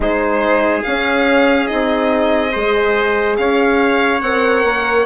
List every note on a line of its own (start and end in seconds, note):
0.00 0.83 G#3
0.00 0.83 D#4
0.00 2.52 G#4
0.00 0.82 C5
0.82 1.65 C#4
0.82 1.70 C#4
0.82 1.67 F5
1.65 2.55 C4
1.65 2.50 D#4
1.65 3.36 D#5
2.52 3.38 G#3
2.52 4.21 G#4
2.52 3.36 C5
3.36 4.21 C#4
3.36 5.06 C#5
3.36 4.21 F5
4.21 4.63 C4
4.21 5.06 A#4
4.21 5.05 F#5
4.64 5.06 A#3